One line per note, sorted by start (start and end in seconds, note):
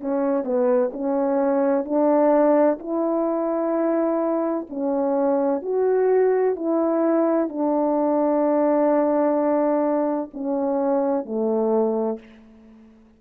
0.00 0.44 C#4
0.44 0.91 B3
0.92 1.85 C#4
1.85 2.78 D4
2.79 4.67 E4
4.70 5.62 C#4
5.62 6.56 F#4
6.56 7.49 E4
7.49 10.30 D4
10.33 11.25 C#4
11.25 12.19 A3